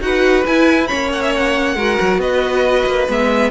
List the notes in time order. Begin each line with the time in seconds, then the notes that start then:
0.00 D#4 F#4 B4 F#5
0.46 E4 G#5
0.86 A#3 C#4 C#5 B5
1.12 F#5
1.21 E5
1.35 F#5
1.75 G#3 F#4 A#4
2.00 F#3
2.17 B3 B4 D#5
2.86 A#3
3.08 G#3 B3 E5